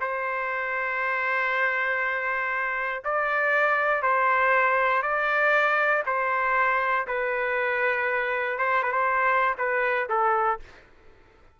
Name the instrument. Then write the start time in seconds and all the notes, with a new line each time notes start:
trumpet
0.00 C5
3.04 D5
4.02 C5
5.02 D5
6.05 C5
7.07 B4
8.58 C5
8.82 B4
8.92 C5
9.58 B4
10.09 A4